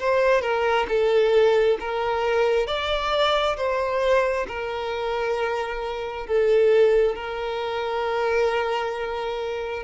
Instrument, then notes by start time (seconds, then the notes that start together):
violin
0.00 C5
0.42 A#4
0.89 A4
1.80 A#4
2.67 D5
3.57 C5
4.48 A#4
6.27 A4
7.16 A#4